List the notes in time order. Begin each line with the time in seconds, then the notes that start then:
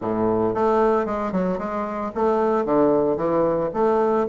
0.01 A2
0.54 A3
1.05 G#3
1.31 F#3
1.58 G#3
2.14 A3
2.65 D3
3.16 E3
3.73 A3